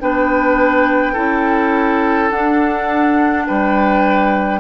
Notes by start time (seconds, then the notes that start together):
0.00 B3 D4 B4 G5
1.13 C#4 E4 A4
2.31 D4 F#5
3.47 G3 B4 G5